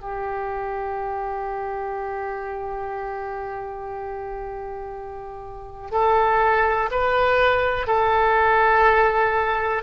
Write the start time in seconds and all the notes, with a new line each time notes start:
0.00 G4
5.91 A4
6.91 B4
7.87 A4